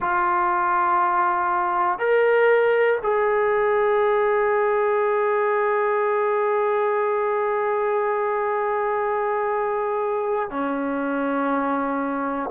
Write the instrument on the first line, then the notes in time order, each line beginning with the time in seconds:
trombone
0.00 F4
1.98 A#4
3.02 G#4
10.50 C#4